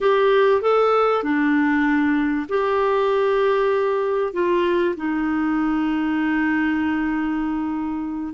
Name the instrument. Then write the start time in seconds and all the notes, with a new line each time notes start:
clarinet
0.01 G4
0.61 A4
1.23 D4
2.49 G4
4.33 F4
4.96 D#4